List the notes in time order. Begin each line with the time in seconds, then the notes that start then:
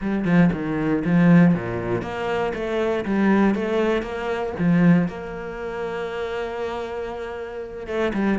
0.01 G3
0.24 F3
0.52 D#3
1.04 F3
1.54 A#2
2.02 A#3
2.54 A3
3.05 G3
3.54 A3
4.02 A#3
4.58 F3
5.07 A#3
7.87 A3
8.13 G3